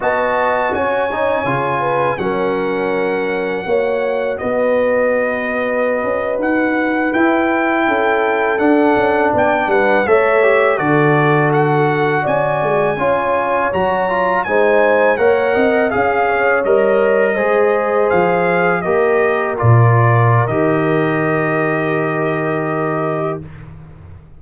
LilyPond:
<<
  \new Staff \with { instrumentName = "trumpet" } { \time 4/4 \tempo 4 = 82 a''4 gis''2 fis''4~ | fis''2 dis''2~ | dis''8. fis''4 g''2 fis''16~ | fis''8. g''8 fis''8 e''4 d''4 fis''16~ |
fis''8. gis''2 ais''4 gis''16~ | gis''8. fis''4 f''4 dis''4~ dis''16~ | dis''8. f''4 dis''4 d''4~ d''16 | dis''1 | }
  \new Staff \with { instrumentName = "horn" } { \time 4/4 dis''4 cis''4. b'8 ais'4~ | ais'4 cis''4 b'2~ | b'2~ b'8. a'4~ a'16~ | a'8. d''8 b'8 cis''4 a'4~ a'16~ |
a'8. d''4 cis''2 c''16~ | c''8. cis''8 dis''8 f''8 cis''4. c''16~ | c''4.~ c''16 ais'2~ ais'16~ | ais'1 | }
  \new Staff \with { instrumentName = "trombone" } { \time 4/4 fis'4. dis'8 f'4 cis'4~ | cis'4 fis'2.~ | fis'4.~ fis'16 e'2 d'16~ | d'4.~ d'16 a'8 g'8 fis'4~ fis'16~ |
fis'4.~ fis'16 f'4 fis'8 f'8 dis'16~ | dis'8. ais'4 gis'4 ais'4 gis'16~ | gis'4.~ gis'16 g'4 f'4~ f'16 | g'1 | }
  \new Staff \with { instrumentName = "tuba" } { \time 4/4 b4 cis'4 cis4 fis4~ | fis4 ais4 b2~ | b16 cis'8 dis'4 e'4 cis'4 d'16~ | d'16 cis'8 b8 g8 a4 d4~ d16~ |
d8. cis'8 gis8 cis'4 fis4 gis16~ | gis8. ais8 c'8 cis'4 g4 gis16~ | gis8. f4 ais4 ais,4~ ais,16 | dis1 | }
>>